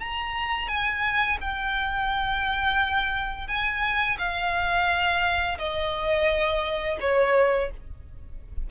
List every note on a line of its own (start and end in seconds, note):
0.00 0.68 A#5
0.68 1.38 G#5
1.41 3.48 G5
3.48 4.18 G#5
4.19 5.58 F5
5.59 6.98 D#5
7.01 7.71 C#5